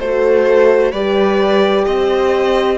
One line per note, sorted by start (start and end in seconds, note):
0.00 0.93 A3
0.00 0.95 F#4
0.00 0.91 A4
0.00 0.92 C5
0.91 1.87 G3
0.91 2.79 G4
0.91 1.85 B4
0.91 1.85 D5
1.85 2.79 C4
1.85 2.79 C5
1.85 2.79 D#5